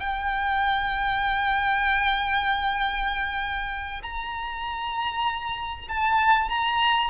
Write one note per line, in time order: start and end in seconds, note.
0.00 4.02 G5
4.02 5.88 A#5
5.88 6.49 A5
6.49 7.10 A#5